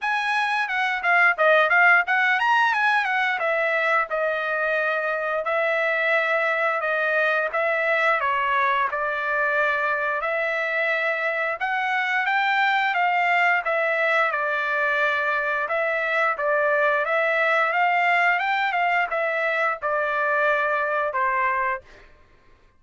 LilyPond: \new Staff \with { instrumentName = "trumpet" } { \time 4/4 \tempo 4 = 88 gis''4 fis''8 f''8 dis''8 f''8 fis''8 ais''8 | gis''8 fis''8 e''4 dis''2 | e''2 dis''4 e''4 | cis''4 d''2 e''4~ |
e''4 fis''4 g''4 f''4 | e''4 d''2 e''4 | d''4 e''4 f''4 g''8 f''8 | e''4 d''2 c''4 | }